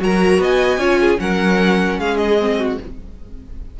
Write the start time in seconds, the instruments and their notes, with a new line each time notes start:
0.00 cello F#3, viola F#4, violin A#4 A#5
0.39 cello B3, violin D#5 G#5
0.78 cello C#4, viola F4, violin C#5
1.01 violin G#4
1.17 cello F#3, viola C#4, violin A#4 F#5
1.98 cello G#3, violin G#4 F5
2.18 violin D#5
2.40 viola C4
2.59 violin F#4